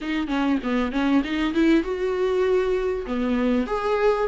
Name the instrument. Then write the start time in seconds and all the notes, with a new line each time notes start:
viola
0.01 D#4
0.27 C#4
0.63 B3
0.92 C#4
1.24 D#4
1.54 E4
1.83 F#4
3.06 B3
3.67 G#4